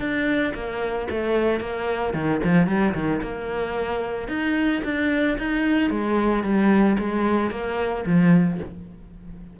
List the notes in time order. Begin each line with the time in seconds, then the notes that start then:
0.00 D4
0.55 A#3
1.11 A3
1.60 A#3
2.14 D#3
2.44 F3
2.67 G3
2.94 D#3
3.23 A#3
4.29 D#4
4.85 D4
5.38 D#4
5.91 G#3
6.44 G3
6.99 G#3
7.51 A#3
8.06 F3